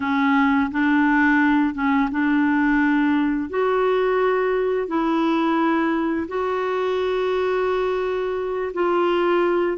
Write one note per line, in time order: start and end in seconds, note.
0.00 0.70 C#4
0.71 1.74 D4
1.74 2.09 C#4
2.11 3.49 D4
3.49 4.87 F#4
4.87 6.27 E4
6.28 8.72 F#4
8.73 9.77 F4